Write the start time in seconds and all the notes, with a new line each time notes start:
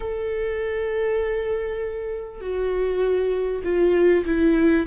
0.00 A4
2.40 F#4
3.64 F4
4.25 E4